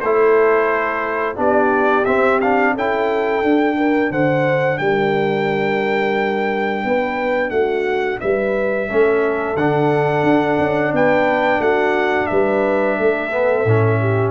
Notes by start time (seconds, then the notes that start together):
0.00 A3 E4 A4 C5
1.35 B3 D4 G4 D5
2.05 C4 E5
2.40 D4 F5
2.74 C#4 E4 A4 G5
3.43 D4
3.77 A#4
4.10 D3 C5 F#5
4.78 G3 A#4 G5
6.84 B3 B4
7.50 A3 F#4 F#5
8.20 G3 B4 E5
8.88 A3 C#4 A4
9.56 D3 D4 F#5
10.23 D4
10.59 C#4
10.92 B3 B4 G5
11.59 A3 F#4 F#5
12.26 G3 B4 E5
12.98 A3 A4
13.31 B3
13.65 A2 C#4
14.00 G4